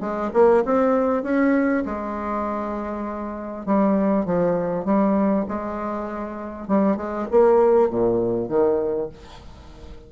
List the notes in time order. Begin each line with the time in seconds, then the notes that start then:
0.00 G#3
0.33 A#3
0.65 C4
1.23 C#4
1.85 G#3
3.65 G3
4.25 F3
4.85 G3
5.48 G#3
6.67 G3
6.96 G#3
7.31 A#3
7.90 A#2
8.48 D#3